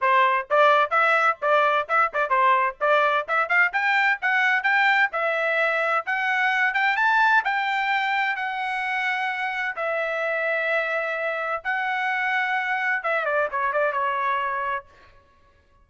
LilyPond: \new Staff \with { instrumentName = "trumpet" } { \time 4/4 \tempo 4 = 129 c''4 d''4 e''4 d''4 | e''8 d''8 c''4 d''4 e''8 f''8 | g''4 fis''4 g''4 e''4~ | e''4 fis''4. g''8 a''4 |
g''2 fis''2~ | fis''4 e''2.~ | e''4 fis''2. | e''8 d''8 cis''8 d''8 cis''2 | }